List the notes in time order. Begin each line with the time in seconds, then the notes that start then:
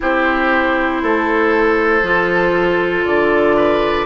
0.00 C4 E4 G4 C5
1.02 A3 A4
2.02 F3 F4
3.05 D3 D5
3.56 B4